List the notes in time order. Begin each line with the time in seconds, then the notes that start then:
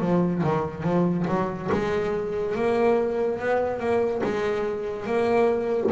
0.00 F3
0.43 D#3
0.83 F3
1.27 F#3
1.72 G#3
2.55 A#3
3.39 B3
3.79 A#3
4.23 G#3
5.06 A#3